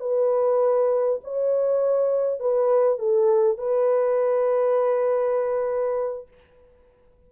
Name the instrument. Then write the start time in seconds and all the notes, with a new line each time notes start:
horn
0.00 B4
1.24 C#5
2.40 B4
2.99 A4
3.58 B4